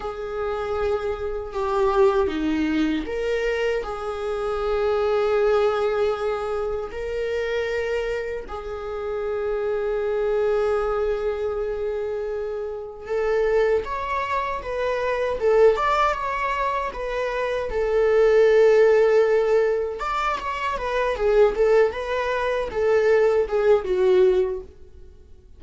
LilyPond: \new Staff \with { instrumentName = "viola" } { \time 4/4 \tempo 4 = 78 gis'2 g'4 dis'4 | ais'4 gis'2.~ | gis'4 ais'2 gis'4~ | gis'1~ |
gis'4 a'4 cis''4 b'4 | a'8 d''8 cis''4 b'4 a'4~ | a'2 d''8 cis''8 b'8 gis'8 | a'8 b'4 a'4 gis'8 fis'4 | }